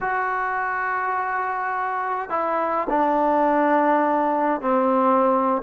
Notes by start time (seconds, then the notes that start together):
0.00 F#4
2.29 E4
2.89 D4
4.61 C4